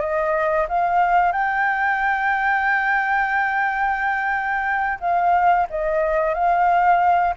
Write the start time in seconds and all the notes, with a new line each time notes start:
0.00 D#5
0.68 F5
1.32 G5
5.00 F5
5.70 D#5
6.34 F5